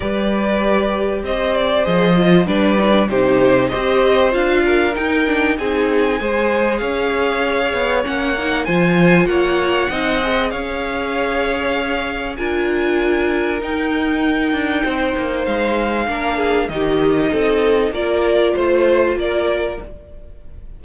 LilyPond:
<<
  \new Staff \with { instrumentName = "violin" } { \time 4/4 \tempo 4 = 97 d''2 dis''8 d''8 dis''4 | d''4 c''4 dis''4 f''4 | g''4 gis''2 f''4~ | f''4 fis''4 gis''4 fis''4~ |
fis''4 f''2. | gis''2 g''2~ | g''4 f''2 dis''4~ | dis''4 d''4 c''4 d''4 | }
  \new Staff \with { instrumentName = "violin" } { \time 4/4 b'2 c''2 | b'4 g'4 c''4. ais'8~ | ais'4 gis'4 c''4 cis''4~ | cis''2 c''4 cis''4 |
dis''4 cis''2. | ais'1 | c''2 ais'8 gis'8 g'4 | a'4 ais'4 c''4 ais'4 | }
  \new Staff \with { instrumentName = "viola" } { \time 4/4 g'2. gis'8 f'8 | d'8 dis'16 d'16 dis'4 g'4 f'4 | dis'8 d'8 dis'4 gis'2~ | gis'4 cis'8 dis'8 f'2 |
dis'8 gis'2.~ gis'8 | f'2 dis'2~ | dis'2 d'4 dis'4~ | dis'4 f'2. | }
  \new Staff \with { instrumentName = "cello" } { \time 4/4 g2 c'4 f4 | g4 c4 c'4 d'4 | dis'4 c'4 gis4 cis'4~ | cis'8 b8 ais4 f4 ais4 |
c'4 cis'2. | d'2 dis'4. d'8 | c'8 ais8 gis4 ais4 dis4 | c'4 ais4 a4 ais4 | }
>>